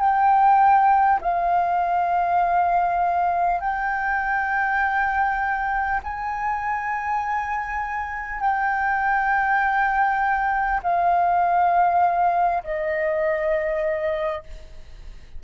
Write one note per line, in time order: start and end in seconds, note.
0.00 1.20 G5
1.21 3.61 F5
3.61 6.01 G5
6.04 8.41 G#5
8.41 10.81 G5
10.83 12.63 F5
12.64 14.44 D#5